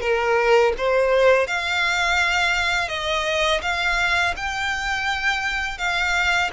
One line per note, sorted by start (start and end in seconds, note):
0.00 0.72 A#4
0.78 1.47 C5
1.47 2.88 F5
2.88 3.60 D#5
3.62 4.34 F5
4.36 5.78 G5
5.78 6.50 F5